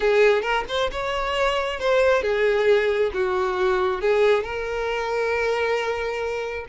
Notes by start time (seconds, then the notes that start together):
0.00 G#4
0.42 A#4
0.68 C5
0.91 C#5
1.79 C5
2.22 G#4
3.13 F#4
4.01 G#4
4.43 A#4